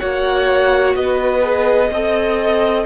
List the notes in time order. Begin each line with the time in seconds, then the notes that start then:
0.00 A#3 F#4 C#5 F#5
0.96 B3 B4 D#5
1.42 G#4
1.91 C4 A4 D#5